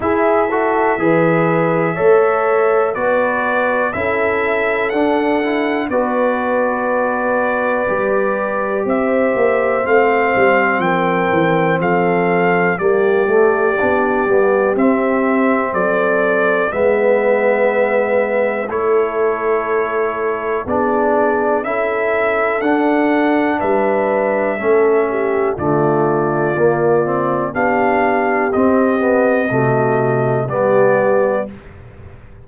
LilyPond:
<<
  \new Staff \with { instrumentName = "trumpet" } { \time 4/4 \tempo 4 = 61 e''2. d''4 | e''4 fis''4 d''2~ | d''4 e''4 f''4 g''4 | f''4 d''2 e''4 |
d''4 e''2 cis''4~ | cis''4 d''4 e''4 fis''4 | e''2 d''2 | f''4 dis''2 d''4 | }
  \new Staff \with { instrumentName = "horn" } { \time 4/4 gis'8 a'8 b'4 cis''4 b'4 | a'2 b'2~ | b'4 c''2 ais'4 | a'4 g'2. |
a'4 b'2 a'4~ | a'4 gis'4 a'2 | b'4 a'8 g'8 f'2 | g'2 fis'4 g'4 | }
  \new Staff \with { instrumentName = "trombone" } { \time 4/4 e'8 fis'8 gis'4 a'4 fis'4 | e'4 d'8 e'8 fis'2 | g'2 c'2~ | c'4 ais8 a8 d'8 b8 c'4~ |
c'4 b2 e'4~ | e'4 d'4 e'4 d'4~ | d'4 cis'4 a4 ais8 c'8 | d'4 c'8 b8 a4 b4 | }
  \new Staff \with { instrumentName = "tuba" } { \time 4/4 e'4 e4 a4 b4 | cis'4 d'4 b2 | g4 c'8 ais8 a8 g8 f8 e8 | f4 g8 a8 b8 g8 c'4 |
fis4 gis2 a4~ | a4 b4 cis'4 d'4 | g4 a4 d4 ais4 | b4 c'4 c4 g4 | }
>>